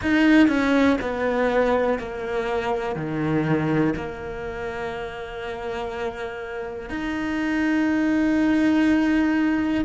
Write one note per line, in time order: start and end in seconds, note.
0.01 0.47 D#4
0.47 0.97 C#4
1.01 1.99 B3
1.99 2.95 A#3
2.95 3.93 D#3
3.96 6.89 A#3
6.89 9.84 D#4